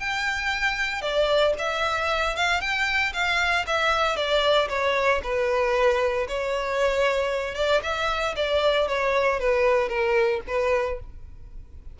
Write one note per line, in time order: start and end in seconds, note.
0.00 1.02 G5
1.02 1.54 D5
1.59 2.36 E5
2.36 2.61 F5
2.61 3.13 G5
3.14 3.66 F5
3.67 4.17 E5
4.17 4.69 D5
4.69 5.22 C#5
5.23 6.28 B4
6.28 7.55 C#5
7.55 7.81 D5
7.83 8.35 E5
8.36 8.89 D5
8.89 9.40 C#5
9.40 9.89 B4
9.89 10.41 A#4
10.48 11.00 B4